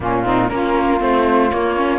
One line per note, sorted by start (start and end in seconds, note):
0.00 0.50 A#2
0.00 0.24 A#3
0.00 0.24 C#4
0.00 0.48 F4
0.24 0.49 C4
0.24 0.49 D#4
0.48 1.01 A#3
0.48 0.98 C#4
0.48 1.99 F4
0.48 0.99 A#4
0.98 1.51 A3
0.98 1.49 C4
0.98 1.51 C5
1.51 1.76 A#3
1.51 1.99 A#3
1.51 1.99 C#5
1.76 1.99 C#4